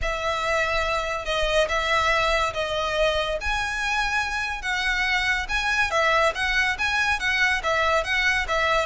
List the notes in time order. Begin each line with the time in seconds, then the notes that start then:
0.01 E5
1.25 D#5
1.68 E5
2.53 D#5
3.40 G#5
4.62 F#5
5.48 G#5
5.90 E5
6.34 F#5
6.78 G#5
7.19 F#5
7.63 E5
8.04 F#5
8.47 E5